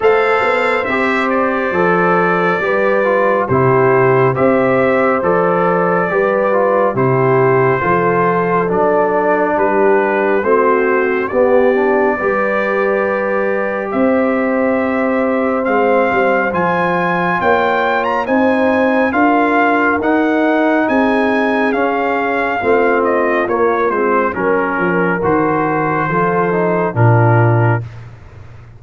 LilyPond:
<<
  \new Staff \with { instrumentName = "trumpet" } { \time 4/4 \tempo 4 = 69 f''4 e''8 d''2~ d''8 | c''4 e''4 d''2 | c''2 d''4 b'4 | c''4 d''2. |
e''2 f''4 gis''4 | g''8. ais''16 gis''4 f''4 fis''4 | gis''4 f''4. dis''8 cis''8 c''8 | ais'4 c''2 ais'4 | }
  \new Staff \with { instrumentName = "horn" } { \time 4/4 c''2. b'4 | g'4 c''2 b'4 | g'4 a'2 g'4 | fis'4 g'4 b'2 |
c''1 | cis''4 c''4 ais'2 | gis'2 f'2 | ais'2 a'4 f'4 | }
  \new Staff \with { instrumentName = "trombone" } { \time 4/4 a'4 g'4 a'4 g'8 f'8 | e'4 g'4 a'4 g'8 f'8 | e'4 f'4 d'2 | c'4 b8 d'8 g'2~ |
g'2 c'4 f'4~ | f'4 dis'4 f'4 dis'4~ | dis'4 cis'4 c'4 ais8 c'8 | cis'4 fis'4 f'8 dis'8 d'4 | }
  \new Staff \with { instrumentName = "tuba" } { \time 4/4 a8 b8 c'4 f4 g4 | c4 c'4 f4 g4 | c4 f4 fis4 g4 | a4 b4 g2 |
c'2 gis8 g8 f4 | ais4 c'4 d'4 dis'4 | c'4 cis'4 a4 ais8 gis8 | fis8 f8 dis4 f4 ais,4 | }
>>